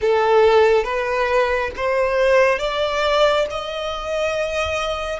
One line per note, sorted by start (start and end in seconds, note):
0.01 0.83 A4
0.83 1.70 B4
1.76 2.58 C5
2.58 3.45 D5
3.50 5.19 D#5